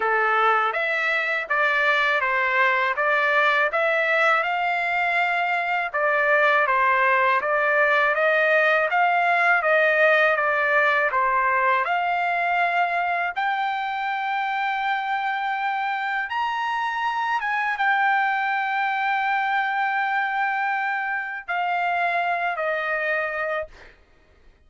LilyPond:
\new Staff \with { instrumentName = "trumpet" } { \time 4/4 \tempo 4 = 81 a'4 e''4 d''4 c''4 | d''4 e''4 f''2 | d''4 c''4 d''4 dis''4 | f''4 dis''4 d''4 c''4 |
f''2 g''2~ | g''2 ais''4. gis''8 | g''1~ | g''4 f''4. dis''4. | }